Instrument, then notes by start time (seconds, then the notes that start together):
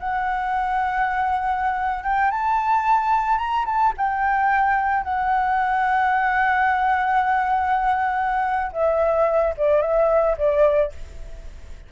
flute
0.00 F#5
2.04 G5
2.31 A5
3.38 A#5
3.66 A5
3.97 G5
5.04 F#5
8.73 E5
9.58 D5
9.82 E5
10.38 D5